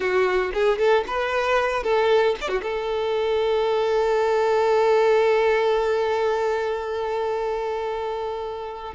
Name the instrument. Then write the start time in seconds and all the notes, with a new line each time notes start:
violin
0.00 F#4
0.53 G#4
0.78 A4
1.07 B4
1.83 A4
2.41 D5
2.48 F#4
2.62 A4